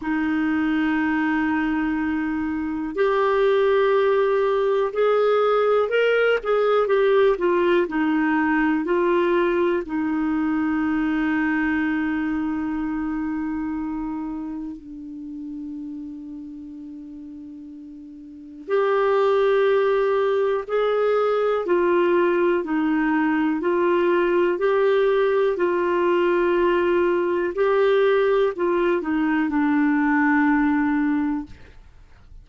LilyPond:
\new Staff \with { instrumentName = "clarinet" } { \time 4/4 \tempo 4 = 61 dis'2. g'4~ | g'4 gis'4 ais'8 gis'8 g'8 f'8 | dis'4 f'4 dis'2~ | dis'2. d'4~ |
d'2. g'4~ | g'4 gis'4 f'4 dis'4 | f'4 g'4 f'2 | g'4 f'8 dis'8 d'2 | }